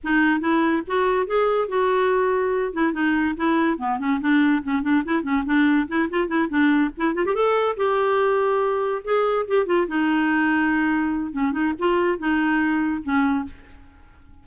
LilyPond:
\new Staff \with { instrumentName = "clarinet" } { \time 4/4 \tempo 4 = 143 dis'4 e'4 fis'4 gis'4 | fis'2~ fis'8 e'8 dis'4 | e'4 b8 cis'8 d'4 cis'8 d'8 | e'8 cis'8 d'4 e'8 f'8 e'8 d'8~ |
d'8 e'8 f'16 g'16 a'4 g'4.~ | g'4. gis'4 g'8 f'8 dis'8~ | dis'2. cis'8 dis'8 | f'4 dis'2 cis'4 | }